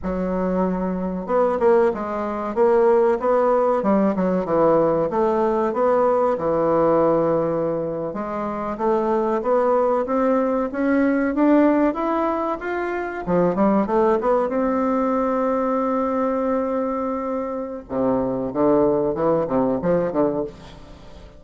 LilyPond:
\new Staff \with { instrumentName = "bassoon" } { \time 4/4 \tempo 4 = 94 fis2 b8 ais8 gis4 | ais4 b4 g8 fis8 e4 | a4 b4 e2~ | e8. gis4 a4 b4 c'16~ |
c'8. cis'4 d'4 e'4 f'16~ | f'8. f8 g8 a8 b8 c'4~ c'16~ | c'1 | c4 d4 e8 c8 f8 d8 | }